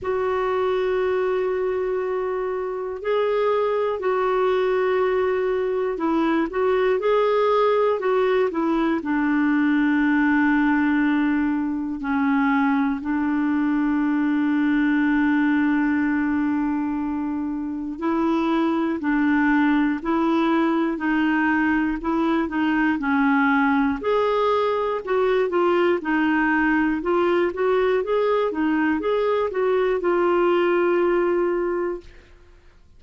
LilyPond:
\new Staff \with { instrumentName = "clarinet" } { \time 4/4 \tempo 4 = 60 fis'2. gis'4 | fis'2 e'8 fis'8 gis'4 | fis'8 e'8 d'2. | cis'4 d'2.~ |
d'2 e'4 d'4 | e'4 dis'4 e'8 dis'8 cis'4 | gis'4 fis'8 f'8 dis'4 f'8 fis'8 | gis'8 dis'8 gis'8 fis'8 f'2 | }